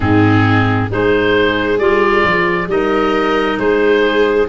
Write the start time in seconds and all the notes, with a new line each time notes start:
0.00 G#2 C4 D#4 G#4
0.89 G#3 D#4 G#4 C5
1.78 G3 F4 D5
2.23 F3
2.67 G3 D#4 A#4 D#5
3.58 G#3 G#4 C5